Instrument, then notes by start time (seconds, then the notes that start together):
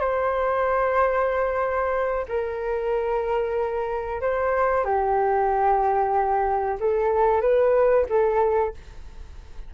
flute
0.00 C5
2.29 A#4
4.21 C5
4.84 G4
6.80 A4
7.41 B4
8.09 A4